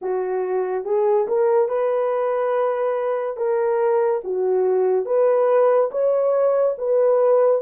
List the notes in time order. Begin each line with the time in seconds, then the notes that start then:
0.01 F#4
0.85 G#4
1.27 A#4
1.68 B4
3.36 A#4
4.24 F#4
5.05 B4
5.91 C#5
6.78 B4